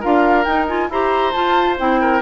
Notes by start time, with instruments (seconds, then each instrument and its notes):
0.00 bassoon D4, clarinet F4, oboe A#4, flute F5
0.44 clarinet D#4, bassoon D#4, flute G5
0.67 clarinet F4, flute G#5
0.89 bassoon E4, clarinet G4, oboe C5, flute A#5
1.32 clarinet F4, bassoon F4, flute A5
1.78 bassoon C4, clarinet E4, flute G5
2.01 oboe A#4